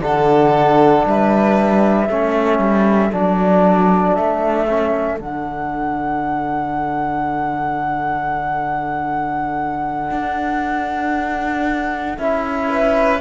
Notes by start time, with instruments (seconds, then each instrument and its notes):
0.00 cello D3, trombone D4, violin A4, flute F#5
1.06 cello G3, violin B4, flute E5
2.07 cello A3, trombone C#4, violin A4
2.59 cello G3
3.11 cello F#3, trombone D4, flute D5
4.15 cello A3, flute E5
4.69 trombone C#4
5.18 cello D3, trombone D4, flute F#5
10.11 cello D4
12.17 cello C#4, trombone E4, flute E5
12.69 violin B4